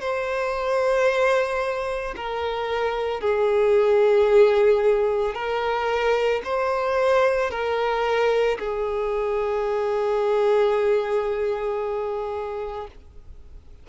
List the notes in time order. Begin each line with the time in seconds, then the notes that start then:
0.00 C5
2.16 A#4
3.20 G#4
5.34 A#4
6.44 C5
7.50 A#4
8.59 G#4